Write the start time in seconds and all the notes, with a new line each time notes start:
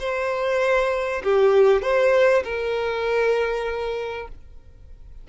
0.00 C5
1.24 G4
1.82 C5
2.44 A#4